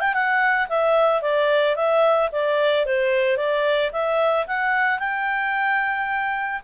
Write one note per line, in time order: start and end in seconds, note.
0.00 0.14 G5
0.14 0.68 F#5
0.69 1.21 E5
1.21 1.75 D5
1.75 2.29 E5
2.31 2.85 D5
2.85 3.36 C5
3.36 3.90 D5
3.92 4.46 E5
4.47 4.99 F#5
4.99 6.61 G5